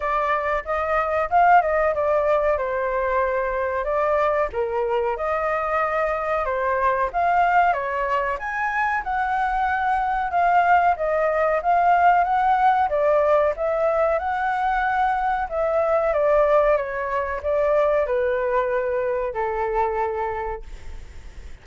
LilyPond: \new Staff \with { instrumentName = "flute" } { \time 4/4 \tempo 4 = 93 d''4 dis''4 f''8 dis''8 d''4 | c''2 d''4 ais'4 | dis''2 c''4 f''4 | cis''4 gis''4 fis''2 |
f''4 dis''4 f''4 fis''4 | d''4 e''4 fis''2 | e''4 d''4 cis''4 d''4 | b'2 a'2 | }